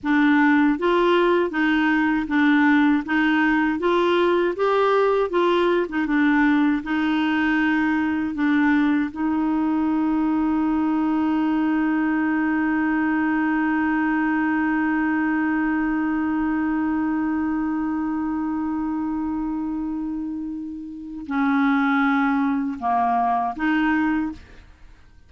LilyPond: \new Staff \with { instrumentName = "clarinet" } { \time 4/4 \tempo 4 = 79 d'4 f'4 dis'4 d'4 | dis'4 f'4 g'4 f'8. dis'16 | d'4 dis'2 d'4 | dis'1~ |
dis'1~ | dis'1~ | dis'1 | cis'2 ais4 dis'4 | }